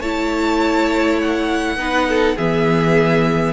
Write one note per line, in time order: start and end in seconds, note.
0.00 1.76 A3
0.00 1.78 E4
0.00 1.77 C#5
0.00 1.19 A5
1.21 2.38 F#5
1.76 2.35 B3
1.76 2.37 D#4
1.76 2.09 B4
2.09 2.36 A4
2.36 3.53 E3
2.36 3.53 B3
2.36 3.53 G#4
2.36 3.53 E5